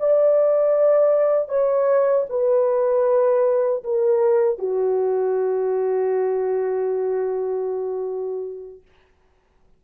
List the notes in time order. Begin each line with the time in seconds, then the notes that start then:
0.00 D5
1.49 C#5
2.30 B4
3.84 A#4
4.59 F#4